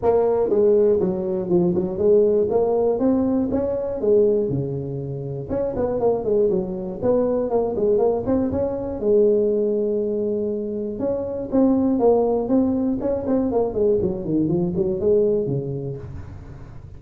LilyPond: \new Staff \with { instrumentName = "tuba" } { \time 4/4 \tempo 4 = 120 ais4 gis4 fis4 f8 fis8 | gis4 ais4 c'4 cis'4 | gis4 cis2 cis'8 b8 | ais8 gis8 fis4 b4 ais8 gis8 |
ais8 c'8 cis'4 gis2~ | gis2 cis'4 c'4 | ais4 c'4 cis'8 c'8 ais8 gis8 | fis8 dis8 f8 fis8 gis4 cis4 | }